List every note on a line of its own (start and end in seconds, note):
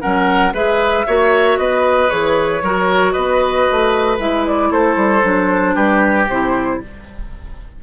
0.00 0.52 F#3
0.00 0.52 C#4
0.00 0.53 A#4
0.00 0.53 F#5
0.52 1.04 G#3
0.52 1.06 G#4
0.52 1.05 B4
0.52 1.58 E5
1.06 1.57 A#3
1.06 2.08 F#4
1.06 1.58 C#5
1.57 2.09 B3
1.57 2.63 B4
1.57 2.09 D#5
2.08 2.62 E3
2.08 2.61 G#4
2.08 3.12 C#5
2.62 3.14 F#3
2.62 4.18 F#4
2.62 3.12 A#4
3.12 3.68 B3
3.12 4.69 B4
3.12 4.17 D#5
3.70 4.18 A3
4.18 4.70 G#3
4.18 5.22 E4
4.18 4.46 E5
4.46 4.72 D5
4.70 4.96 A3
4.70 5.74 A4
4.70 5.74 C5
4.96 5.22 G3
5.22 5.75 F#3
5.22 6.26 D4
5.74 6.27 G3
5.74 6.79 G4
5.74 6.27 B4
6.27 6.79 C3
6.27 6.82 E4
6.27 6.81 C5